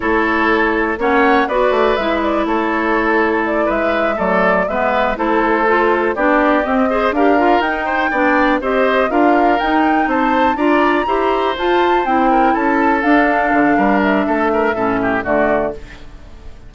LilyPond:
<<
  \new Staff \with { instrumentName = "flute" } { \time 4/4 \tempo 4 = 122 cis''2 fis''4 d''4 | e''8 d''8 cis''2 d''8 e''8~ | e''8 d''4 e''4 c''4.~ | c''8 d''4 dis''4 f''4 g''8~ |
g''4. dis''4 f''4 g''8~ | g''8 a''4 ais''2 a''8~ | a''8 g''4 a''4 f''4.~ | f''8 e''2~ e''8 d''4 | }
  \new Staff \with { instrumentName = "oboe" } { \time 4/4 a'2 cis''4 b'4~ | b'4 a'2~ a'8 b'8~ | b'8 a'4 b'4 a'4.~ | a'8 g'4. c''8 ais'4. |
c''8 d''4 c''4 ais'4.~ | ais'8 c''4 d''4 c''4.~ | c''4 ais'8 a'2~ a'8 | ais'4 a'8 ais'8 a'8 g'8 fis'4 | }
  \new Staff \with { instrumentName = "clarinet" } { \time 4/4 e'2 cis'4 fis'4 | e'1~ | e'8 a4 b4 e'4 f'8~ | f'8 d'4 c'8 gis'8 g'8 f'8 dis'8~ |
dis'8 d'4 g'4 f'4 dis'8~ | dis'4. f'4 g'4 f'8~ | f'8 e'2 d'4.~ | d'2 cis'4 a4 | }
  \new Staff \with { instrumentName = "bassoon" } { \time 4/4 a2 ais4 b8 a8 | gis4 a2~ a8 gis8~ | gis8 fis4 gis4 a4.~ | a8 b4 c'4 d'4 dis'8~ |
dis'8 b4 c'4 d'4 dis'8~ | dis'8 c'4 d'4 e'4 f'8~ | f'8 c'4 cis'4 d'4 d8 | g4 a4 a,4 d4 | }
>>